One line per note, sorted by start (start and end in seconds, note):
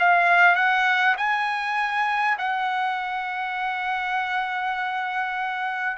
0.00 0.56 F5
0.56 1.16 F#5
1.18 2.38 G#5
2.39 5.98 F#5